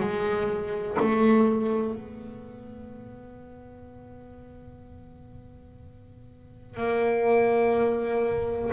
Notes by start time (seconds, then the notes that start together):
0.00 G#3
0.99 A3
1.93 B3
6.77 A#3